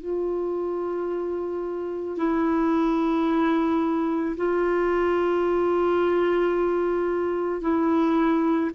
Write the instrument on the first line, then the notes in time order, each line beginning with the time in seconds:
clarinet
0.00 F4
2.18 E4
4.36 F4
7.62 E4